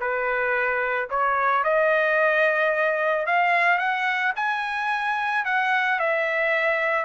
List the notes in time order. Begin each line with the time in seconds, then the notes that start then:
0.00 B4
1.10 C#5
1.64 D#5
3.26 F5
3.78 F#5
4.36 G#5
5.45 F#5
5.99 E5